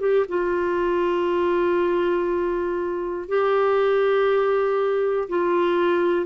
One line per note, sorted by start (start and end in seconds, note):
0.00 0.25 G4
0.28 3.28 F4
3.28 5.28 G4
5.29 6.26 F4